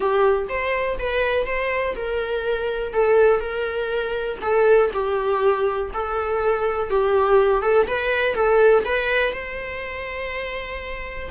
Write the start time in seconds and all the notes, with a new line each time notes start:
0.00 G4
0.49 C5
0.98 B4
1.46 C5
1.95 A#4
2.93 A4
3.40 A#4
4.41 A4
4.93 G4
5.93 A4
6.90 G4
7.62 A4
7.87 B4
8.34 A4
8.84 B4
9.33 C5